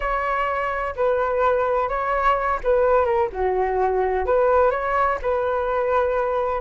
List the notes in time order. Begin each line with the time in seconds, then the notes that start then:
0.00 C#5
0.96 B4
1.89 C#5
2.63 B4
3.05 A#4
3.32 F#4
4.25 B4
4.71 C#5
5.22 B4